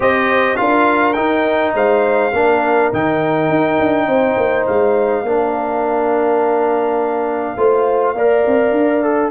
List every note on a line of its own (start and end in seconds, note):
0.00 0.57 C4
0.00 0.56 G4
0.00 0.58 C5
0.00 0.56 D#5
0.56 1.15 D4
0.56 1.14 F4
0.56 1.74 A#4
0.56 1.13 F5
1.13 2.32 D#4
1.13 1.74 D#4
1.13 1.71 G5
1.74 2.32 G#3
1.74 2.33 C5
1.74 2.92 F5
2.32 2.91 A#3
2.32 2.92 D4
2.32 4.07 A#4
2.92 3.49 D#3
2.92 5.25 D#4
2.92 4.66 G5
3.49 3.78 D#4
3.79 4.07 D4
4.07 4.36 C4
4.07 5.23 C5
4.37 4.66 A#3
4.66 5.22 G#3
4.66 9.31 F5
5.22 7.55 A#3
5.22 7.57 D4
5.22 7.56 A#4
7.56 8.14 A3
7.56 8.15 F4
7.56 8.14 C5
8.14 8.43 A#3
8.14 9.03 A#4
8.14 9.31 D5
8.46 8.71 C4
8.71 9.29 D4
9.03 9.31 A4